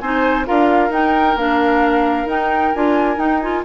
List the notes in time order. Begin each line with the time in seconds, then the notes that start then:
0.00 C4 D#4 C5 G#5
0.45 D4 F4 A#4 F5
0.89 D#4 G5
1.35 A#3 D4 F5
2.25 D#4 G5
2.74 D4 F4 G#5
3.17 D#4 G5
3.40 F4 G#5